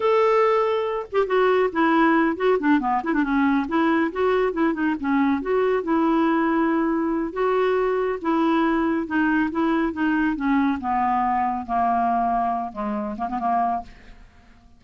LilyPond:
\new Staff \with { instrumentName = "clarinet" } { \time 4/4 \tempo 4 = 139 a'2~ a'8 g'8 fis'4 | e'4. fis'8 d'8 b8 e'16 d'16 cis'8~ | cis'8 e'4 fis'4 e'8 dis'8 cis'8~ | cis'8 fis'4 e'2~ e'8~ |
e'4 fis'2 e'4~ | e'4 dis'4 e'4 dis'4 | cis'4 b2 ais4~ | ais4. gis4 ais16 b16 ais4 | }